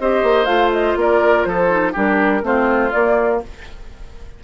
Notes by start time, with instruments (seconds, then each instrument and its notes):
0.00 bassoon C4, clarinet G4, oboe C5, flute D#5
0.23 bassoon A#3
0.46 bassoon A3, clarinet F4, flute F5
0.73 flute D#5
0.96 bassoon A#3, oboe A#4, flute D5
1.45 bassoon F3, oboe A4, flute C5
1.70 clarinet D#4
1.93 bassoon G3, clarinet D4, oboe G4, flute A#4
2.42 bassoon A3, clarinet C4, oboe F4, flute C5
2.92 bassoon A#3, clarinet A#3, flute D5